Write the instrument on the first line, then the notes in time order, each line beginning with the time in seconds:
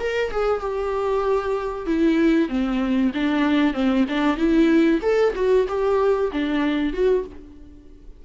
viola
0.00 A#4
0.32 G#4
0.61 G4
1.87 E4
2.49 C4
3.14 D4
3.74 C4
4.09 D4
4.37 E4
5.02 A4
5.35 F#4
5.68 G4
6.32 D4
6.93 F#4